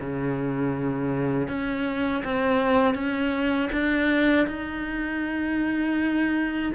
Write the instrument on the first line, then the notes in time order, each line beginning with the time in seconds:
cello
0.00 C#3
1.48 C#4
2.24 C4
2.95 C#4
3.72 D4
4.47 D#4